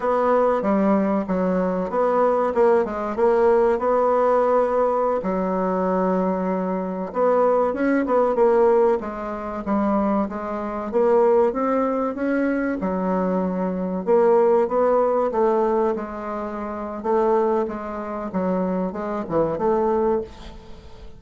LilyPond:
\new Staff \with { instrumentName = "bassoon" } { \time 4/4 \tempo 4 = 95 b4 g4 fis4 b4 | ais8 gis8 ais4 b2~ | b16 fis2. b8.~ | b16 cis'8 b8 ais4 gis4 g8.~ |
g16 gis4 ais4 c'4 cis'8.~ | cis'16 fis2 ais4 b8.~ | b16 a4 gis4.~ gis16 a4 | gis4 fis4 gis8 e8 a4 | }